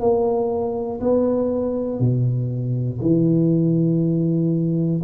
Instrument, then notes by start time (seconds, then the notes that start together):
tuba
0.00 A#3
1.00 B3
2.00 B2
3.01 E3